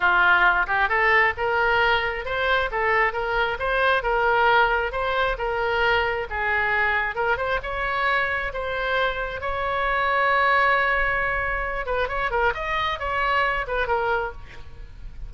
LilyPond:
\new Staff \with { instrumentName = "oboe" } { \time 4/4 \tempo 4 = 134 f'4. g'8 a'4 ais'4~ | ais'4 c''4 a'4 ais'4 | c''4 ais'2 c''4 | ais'2 gis'2 |
ais'8 c''8 cis''2 c''4~ | c''4 cis''2.~ | cis''2~ cis''8 b'8 cis''8 ais'8 | dis''4 cis''4. b'8 ais'4 | }